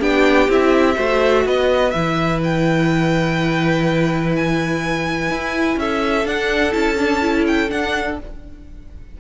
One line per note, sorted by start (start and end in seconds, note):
0.00 0.48 B3
0.00 0.49 D4
0.00 0.96 G4
0.00 0.50 G5
0.48 0.96 C4
0.48 0.96 E4
0.48 1.47 E5
0.96 1.46 A3
0.96 1.92 F#4
0.96 1.44 C5
1.46 1.94 B3
1.46 5.79 B4
1.46 1.91 D#5
1.91 5.30 E3
1.91 6.26 E4
1.91 2.39 E5
2.44 4.36 G5
4.36 5.79 G#5
5.30 5.77 E4
5.77 6.25 C#4
5.77 8.20 A4
5.77 6.27 E5
6.25 6.73 D4
6.25 6.72 D4
6.25 6.73 F#5
6.72 7.70 C#4
6.72 6.96 E4
6.72 7.45 A5
6.99 7.21 D4
7.21 7.68 E4
7.47 7.70 G5
7.68 8.16 D4
7.68 8.20 D4
7.68 8.18 F#5